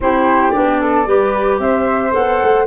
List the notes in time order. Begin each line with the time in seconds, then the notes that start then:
0.01 C4 E4 G4 C5
0.50 B3 D4 D5
0.80 A4
1.05 G3 G4 B4
1.59 C4 C5 E5
2.11 B3 A4 F#5
2.42 A3